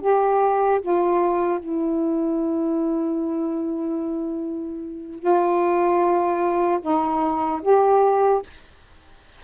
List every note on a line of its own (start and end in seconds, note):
0.00 0.80 G4
0.81 1.59 F4
1.59 5.19 E4
5.19 6.79 F4
6.81 7.61 D#4
7.62 8.42 G4